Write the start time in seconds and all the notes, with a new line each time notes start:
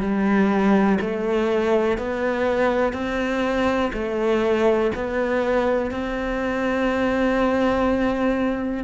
0.00 G3
1.00 A3
1.98 B3
2.93 C4
3.93 A3
4.95 B3
5.91 C4